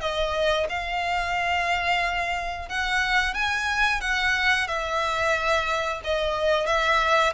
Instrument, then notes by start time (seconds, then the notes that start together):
violin
0.00 D#5
0.69 F5
2.69 F#5
3.34 G#5
4.01 F#5
4.67 E5
6.04 D#5
6.66 E5